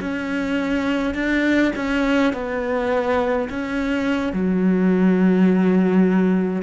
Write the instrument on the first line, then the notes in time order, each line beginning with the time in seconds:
cello
0.00 C#4
1.14 D4
1.76 C#4
2.33 B3
3.49 C#4
4.33 F#3